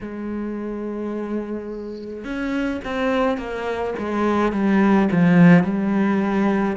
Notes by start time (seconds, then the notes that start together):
0.01 G#3
2.24 C#4
2.84 C4
3.37 A#3
3.99 G#3
4.52 G3
5.11 F3
5.63 G3